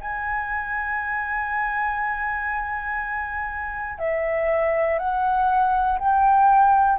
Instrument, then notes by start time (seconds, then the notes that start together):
flute
0.00 G#5
3.99 E5
4.99 F#5
5.99 G5